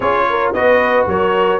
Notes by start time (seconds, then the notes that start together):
0.00 C#4 F4 G#4 C#5
0.29 A#4
0.52 B3 F#4 B4 D#5
1.06 F#3 A#4 C#5